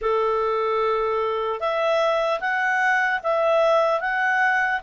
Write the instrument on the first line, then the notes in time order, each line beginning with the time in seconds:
clarinet
0.01 A4
1.60 E5
2.40 F#5
3.23 E5
4.00 F#5